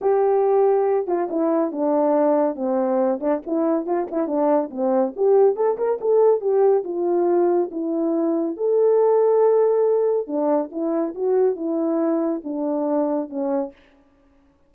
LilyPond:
\new Staff \with { instrumentName = "horn" } { \time 4/4 \tempo 4 = 140 g'2~ g'8 f'8 e'4 | d'2 c'4. d'8 | e'4 f'8 e'8 d'4 c'4 | g'4 a'8 ais'8 a'4 g'4 |
f'2 e'2 | a'1 | d'4 e'4 fis'4 e'4~ | e'4 d'2 cis'4 | }